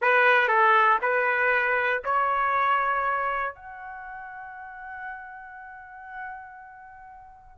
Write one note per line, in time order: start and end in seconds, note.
0.01 0.48 B4
0.48 0.98 A4
1.01 2.02 B4
2.04 3.54 C#5
3.54 7.57 F#5